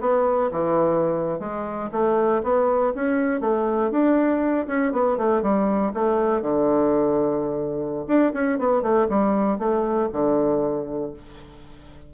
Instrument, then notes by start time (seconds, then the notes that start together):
bassoon
0.00 B3
0.51 E3
1.39 G#3
1.92 A3
2.43 B3
2.95 C#4
3.40 A3
3.91 D4
4.67 C#4
4.92 B3
5.17 A3
5.42 G3
5.94 A3
6.42 D3
8.07 D4
8.33 C#4
8.58 B3
8.82 A3
9.09 G3
9.58 A3
10.12 D3